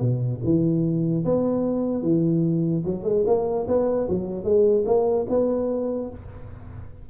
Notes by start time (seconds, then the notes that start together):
0.00 B2
0.44 E3
1.24 B3
2.02 E3
2.85 F#3
3.04 G#3
3.26 A#3
3.68 B3
4.09 F#3
4.44 G#3
4.85 A#3
5.29 B3